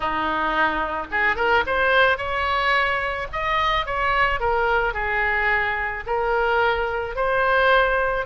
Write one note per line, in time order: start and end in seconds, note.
0.00 1.07 D#4
1.11 1.36 G#4
1.36 1.63 A#4
1.66 2.17 C5
2.17 3.27 C#5
3.32 3.86 D#5
3.86 4.40 C#5
4.40 4.93 A#4
4.93 6.04 G#4
6.06 7.15 A#4
7.15 8.25 C5